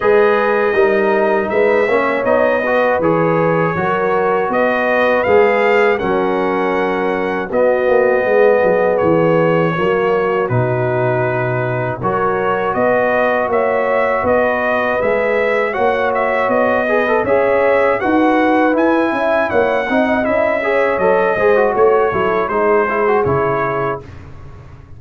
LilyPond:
<<
  \new Staff \with { instrumentName = "trumpet" } { \time 4/4 \tempo 4 = 80 dis''2 e''4 dis''4 | cis''2 dis''4 f''4 | fis''2 dis''2 | cis''2 b'2 |
cis''4 dis''4 e''4 dis''4 | e''4 fis''8 e''8 dis''4 e''4 | fis''4 gis''4 fis''4 e''4 | dis''4 cis''4 c''4 cis''4 | }
  \new Staff \with { instrumentName = "horn" } { \time 4/4 b'4 ais'4 b'8 cis''4 b'8~ | b'4 ais'4 b'2 | ais'2 fis'4 gis'4~ | gis'4 fis'2. |
ais'4 b'4 cis''4 b'4~ | b'4 cis''4. b'8 cis''4 | b'4. e''8 cis''8 dis''4 cis''8~ | cis''8 c''8 cis''8 a'8 gis'2 | }
  \new Staff \with { instrumentName = "trombone" } { \time 4/4 gis'4 dis'4. cis'8 dis'8 fis'8 | gis'4 fis'2 gis'4 | cis'2 b2~ | b4 ais4 dis'2 |
fis'1 | gis'4 fis'4. gis'16 a'16 gis'4 | fis'4 e'4. dis'8 e'8 gis'8 | a'8 gis'16 fis'8. e'8 dis'8 e'16 fis'16 e'4 | }
  \new Staff \with { instrumentName = "tuba" } { \time 4/4 gis4 g4 gis8 ais8 b4 | e4 fis4 b4 gis4 | fis2 b8 ais8 gis8 fis8 | e4 fis4 b,2 |
fis4 b4 ais4 b4 | gis4 ais4 b4 cis'4 | dis'4 e'8 cis'8 ais8 c'8 cis'4 | fis8 gis8 a8 fis8 gis4 cis4 | }
>>